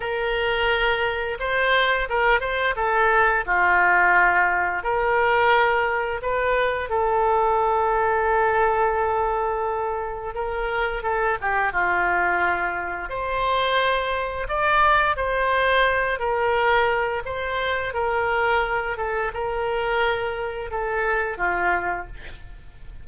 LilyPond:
\new Staff \with { instrumentName = "oboe" } { \time 4/4 \tempo 4 = 87 ais'2 c''4 ais'8 c''8 | a'4 f'2 ais'4~ | ais'4 b'4 a'2~ | a'2. ais'4 |
a'8 g'8 f'2 c''4~ | c''4 d''4 c''4. ais'8~ | ais'4 c''4 ais'4. a'8 | ais'2 a'4 f'4 | }